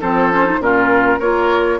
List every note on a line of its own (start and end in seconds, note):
0.00 0.59 F3
0.00 0.31 C4
0.00 0.59 A4
0.00 0.62 C5
0.31 0.45 C#4
0.45 0.60 D#4
0.59 1.18 A#2
0.59 1.20 C#4
0.59 1.19 F4
0.59 1.20 A#4
1.19 1.79 A#3
1.19 1.79 F4
1.19 1.78 A#4
1.19 1.79 C#5